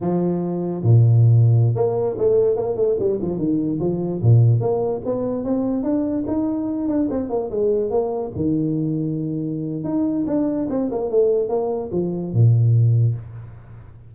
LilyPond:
\new Staff \with { instrumentName = "tuba" } { \time 4/4 \tempo 4 = 146 f2 ais,2~ | ais,16 ais4 a4 ais8 a8 g8 f16~ | f16 dis4 f4 ais,4 ais8.~ | ais16 b4 c'4 d'4 dis'8.~ |
dis'8. d'8 c'8 ais8 gis4 ais8.~ | ais16 dis2.~ dis8. | dis'4 d'4 c'8 ais8 a4 | ais4 f4 ais,2 | }